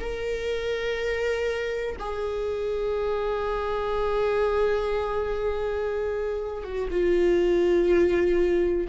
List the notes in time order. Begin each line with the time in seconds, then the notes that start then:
0.00 A#4
1.99 G#4
6.64 F#4
6.91 F4